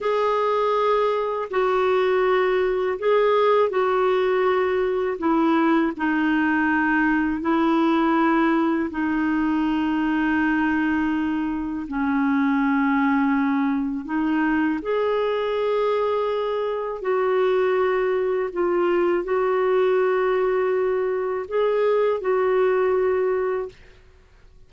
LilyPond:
\new Staff \with { instrumentName = "clarinet" } { \time 4/4 \tempo 4 = 81 gis'2 fis'2 | gis'4 fis'2 e'4 | dis'2 e'2 | dis'1 |
cis'2. dis'4 | gis'2. fis'4~ | fis'4 f'4 fis'2~ | fis'4 gis'4 fis'2 | }